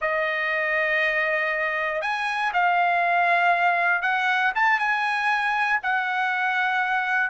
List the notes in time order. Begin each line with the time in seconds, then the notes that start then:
0.01 D#5
2.01 G#5
2.53 F5
4.02 F#5
4.55 A5
4.79 G#5
5.82 F#5